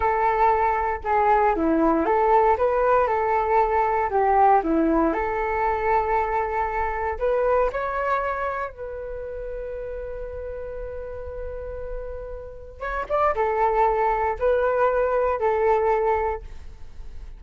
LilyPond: \new Staff \with { instrumentName = "flute" } { \time 4/4 \tempo 4 = 117 a'2 gis'4 e'4 | a'4 b'4 a'2 | g'4 e'4 a'2~ | a'2 b'4 cis''4~ |
cis''4 b'2.~ | b'1~ | b'4 cis''8 d''8 a'2 | b'2 a'2 | }